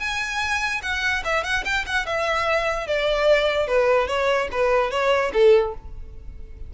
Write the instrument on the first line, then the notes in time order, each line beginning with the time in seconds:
violin
0.00 G#5
0.83 F#5
1.25 E5
1.44 F#5
1.65 G5
1.86 F#5
2.06 E5
2.87 D5
3.68 B4
4.08 C#5
4.52 B4
4.91 C#5
5.34 A4